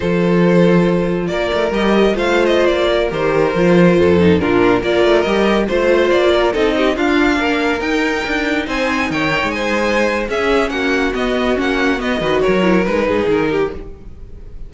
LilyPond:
<<
  \new Staff \with { instrumentName = "violin" } { \time 4/4 \tempo 4 = 140 c''2. d''4 | dis''4 f''8. dis''8 d''4 c''8.~ | c''2~ c''16 ais'4 d''8.~ | d''16 dis''4 c''4 d''4 dis''8.~ |
dis''16 f''2 g''4.~ g''16~ | g''16 gis''4 g''4 gis''4.~ gis''16 | e''4 fis''4 dis''4 fis''4 | dis''4 cis''4 b'4 ais'4 | }
  \new Staff \with { instrumentName = "violin" } { \time 4/4 a'2. ais'4~ | ais'4 c''4.~ c''16 ais'4~ ais'16~ | ais'4~ ais'16 a'4 f'4 ais'8.~ | ais'4~ ais'16 c''4. ais'8 a'8 g'16~ |
g'16 f'4 ais'2~ ais'8.~ | ais'16 c''4 cis''4 c''4.~ c''16 | gis'4 fis'2.~ | fis'8 b'8 ais'4. gis'4 g'8 | }
  \new Staff \with { instrumentName = "viola" } { \time 4/4 f'1 | g'4 f'2~ f'16 g'8.~ | g'16 f'4. dis'8 d'4 f'8.~ | f'16 g'4 f'2 dis'8.~ |
dis'16 d'2 dis'4.~ dis'16~ | dis'1 | cis'2 b4 cis'4 | b8 fis'4 e'8 dis'2 | }
  \new Staff \with { instrumentName = "cello" } { \time 4/4 f2. ais8 a8 | g4 a4~ a16 ais4 dis8.~ | dis16 f4 f,4 ais,4 ais8 a16~ | a16 g4 a4 ais4 c'8.~ |
c'16 d'4 ais4 dis'4 d'8.~ | d'16 c'4 dis8. gis2 | cis'4 ais4 b4 ais4 | b8 dis8 fis4 gis8 gis,8 dis4 | }
>>